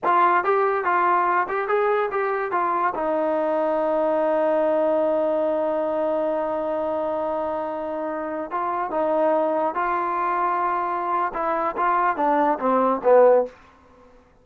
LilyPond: \new Staff \with { instrumentName = "trombone" } { \time 4/4 \tempo 4 = 143 f'4 g'4 f'4. g'8 | gis'4 g'4 f'4 dis'4~ | dis'1~ | dis'1~ |
dis'1~ | dis'16 f'4 dis'2 f'8.~ | f'2. e'4 | f'4 d'4 c'4 b4 | }